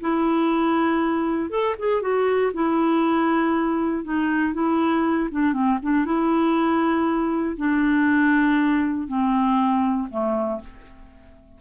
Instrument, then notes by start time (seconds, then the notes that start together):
clarinet
0.00 E4
1.50 A4
1.78 G#4
2.01 F#4
2.53 E4
4.04 D#4
4.53 E4
5.31 D4
5.53 C4
5.82 D4
6.05 E4
7.56 D4
9.07 C4
10.10 A3